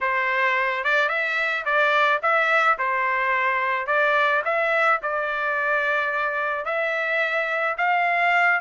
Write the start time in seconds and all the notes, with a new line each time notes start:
0.00 C5
0.84 D5
1.08 E5
1.65 D5
2.22 E5
2.78 C5
3.87 D5
4.44 E5
5.02 D5
6.65 E5
7.77 F5